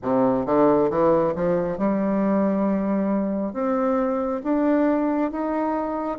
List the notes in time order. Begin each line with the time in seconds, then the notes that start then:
0.02 C3
0.46 D3
0.89 E3
1.35 F3
1.78 G3
3.53 C4
4.43 D4
5.31 D#4